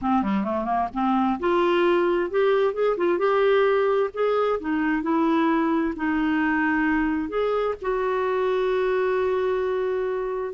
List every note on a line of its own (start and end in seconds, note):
0.01 0.22 C4
0.22 0.44 G3
0.44 0.65 A3
0.65 0.87 A#3
0.93 1.39 C4
1.39 2.30 F4
2.30 2.73 G4
2.73 2.96 G#4
2.97 3.18 F4
3.18 4.10 G4
4.13 4.59 G#4
4.59 5.02 D#4
5.02 5.94 E4
5.96 7.28 D#4
7.28 7.74 G#4
7.81 10.53 F#4